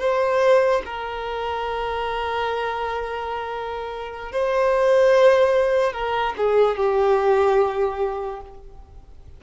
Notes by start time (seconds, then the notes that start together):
0.00 C5
0.86 A#4
4.32 C5
5.93 A#4
6.38 G#4
6.77 G4